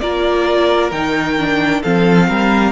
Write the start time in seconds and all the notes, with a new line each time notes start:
0.00 A#3 F4 A#4 D5
0.92 D#3 D#4 G5
1.39 D4
1.81 F3 C4 A4 F5
2.28 G3 A#4